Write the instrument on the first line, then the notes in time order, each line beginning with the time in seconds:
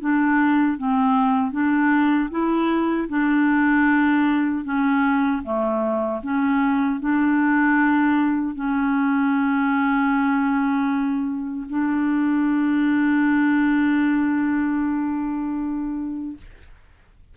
clarinet
0.00 D4
0.78 C4
1.52 D4
2.31 E4
3.09 D4
4.65 C#4
5.43 A3
6.23 C#4
7.00 D4
8.55 C#4
11.70 D4